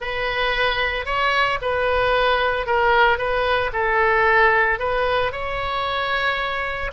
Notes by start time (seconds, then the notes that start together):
0.00 B4
1.05 C#5
1.61 B4
2.66 A#4
3.17 B4
3.72 A4
4.79 B4
5.31 C#5